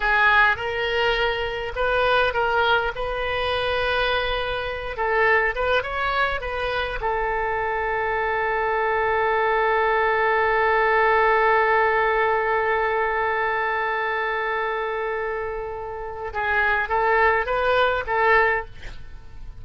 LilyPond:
\new Staff \with { instrumentName = "oboe" } { \time 4/4 \tempo 4 = 103 gis'4 ais'2 b'4 | ais'4 b'2.~ | b'8 a'4 b'8 cis''4 b'4 | a'1~ |
a'1~ | a'1~ | a'1 | gis'4 a'4 b'4 a'4 | }